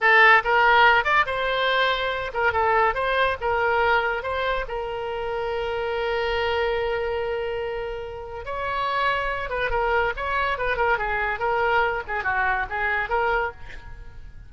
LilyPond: \new Staff \with { instrumentName = "oboe" } { \time 4/4 \tempo 4 = 142 a'4 ais'4. d''8 c''4~ | c''4. ais'8 a'4 c''4 | ais'2 c''4 ais'4~ | ais'1~ |
ais'1 | cis''2~ cis''8 b'8 ais'4 | cis''4 b'8 ais'8 gis'4 ais'4~ | ais'8 gis'8 fis'4 gis'4 ais'4 | }